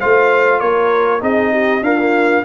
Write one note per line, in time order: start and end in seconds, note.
0.00 0.62 A3
0.00 1.20 F4
0.00 0.61 C5
0.00 0.60 F5
0.60 1.22 A#3
0.60 1.22 A#4
0.60 1.22 C#5
1.20 1.82 C4
1.20 1.82 D#4
1.20 1.52 G#4
1.20 1.84 D#5
1.52 1.83 G4
1.82 2.43 D4
1.82 2.44 F4
1.82 1.99 A#4
1.82 2.45 F5
1.99 2.45 A#3